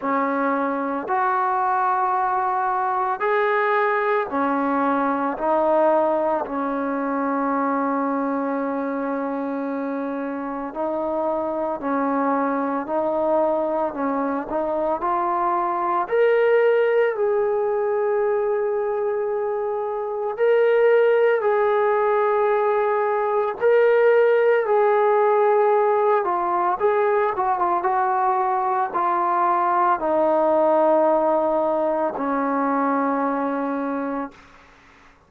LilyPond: \new Staff \with { instrumentName = "trombone" } { \time 4/4 \tempo 4 = 56 cis'4 fis'2 gis'4 | cis'4 dis'4 cis'2~ | cis'2 dis'4 cis'4 | dis'4 cis'8 dis'8 f'4 ais'4 |
gis'2. ais'4 | gis'2 ais'4 gis'4~ | gis'8 f'8 gis'8 fis'16 f'16 fis'4 f'4 | dis'2 cis'2 | }